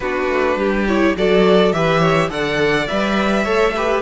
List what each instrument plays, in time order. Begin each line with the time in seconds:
0.00 cello B3, viola D4, violin F#4 B4
0.28 cello A3
0.56 cello G3, violin G4
0.87 viola E4, violin C#5
1.16 cello F#3, viola F#4, violin A4 D5
1.72 cello E3, viola G4, violin B4 E5
2.00 violin C#5
2.29 cello D3, viola A4, violin D5 F#5
2.87 cello G3, viola B4, violin E5
3.43 cello A3, viola A4, violin C#5
3.76 viola G4, violin B4